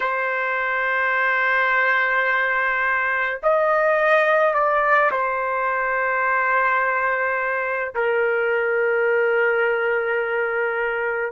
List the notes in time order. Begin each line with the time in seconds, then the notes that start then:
0.00 C5
3.42 D#5
4.54 D5
5.10 C5
7.95 A#4